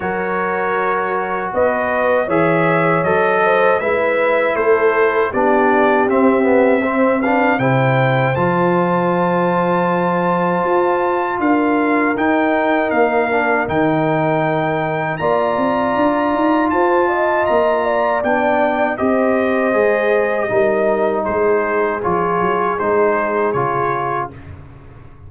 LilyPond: <<
  \new Staff \with { instrumentName = "trumpet" } { \time 4/4 \tempo 4 = 79 cis''2 dis''4 e''4 | dis''4 e''4 c''4 d''4 | e''4. f''8 g''4 a''4~ | a''2. f''4 |
g''4 f''4 g''2 | ais''2 a''4 ais''4 | g''4 dis''2. | c''4 cis''4 c''4 cis''4 | }
  \new Staff \with { instrumentName = "horn" } { \time 4/4 ais'2 b'4 cis''4~ | cis''8 c''8 b'4 a'4 g'4~ | g'4 c''8 b'8 c''2~ | c''2. ais'4~ |
ais'1 | d''2 c''8 dis''4 d''8~ | d''4 c''2 ais'4 | gis'1 | }
  \new Staff \with { instrumentName = "trombone" } { \time 4/4 fis'2. gis'4 | a'4 e'2 d'4 | c'8 b8 c'8 d'8 e'4 f'4~ | f'1 |
dis'4. d'8 dis'2 | f'1 | d'4 g'4 gis'4 dis'4~ | dis'4 f'4 dis'4 f'4 | }
  \new Staff \with { instrumentName = "tuba" } { \time 4/4 fis2 b4 e4 | fis4 gis4 a4 b4 | c'2 c4 f4~ | f2 f'4 d'4 |
dis'4 ais4 dis2 | ais8 c'8 d'8 dis'8 f'4 ais4 | b4 c'4 gis4 g4 | gis4 f8 fis8 gis4 cis4 | }
>>